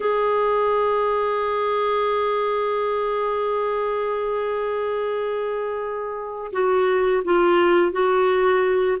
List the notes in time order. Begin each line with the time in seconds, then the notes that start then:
0.00 G#4
6.52 F#4
7.24 F4
7.92 F#4